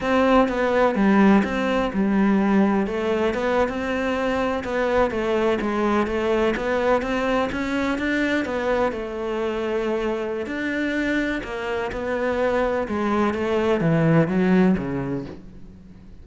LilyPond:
\new Staff \with { instrumentName = "cello" } { \time 4/4 \tempo 4 = 126 c'4 b4 g4 c'4 | g2 a4 b8. c'16~ | c'4.~ c'16 b4 a4 gis16~ | gis8. a4 b4 c'4 cis'16~ |
cis'8. d'4 b4 a4~ a16~ | a2 d'2 | ais4 b2 gis4 | a4 e4 fis4 cis4 | }